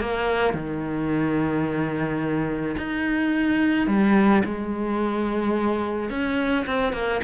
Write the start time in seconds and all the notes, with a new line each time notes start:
0.00 A#3
0.53 D#3
2.77 D#4
3.87 G3
4.44 G#3
6.10 C#4
6.66 C4
6.93 A#3